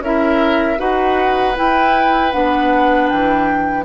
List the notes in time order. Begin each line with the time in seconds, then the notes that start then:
0.00 C#4 E4 A#4 E5
0.78 D#4 F#4 B4 F#5
1.55 E4 G5
2.32 B3 D4 F#5
3.08 E3 G5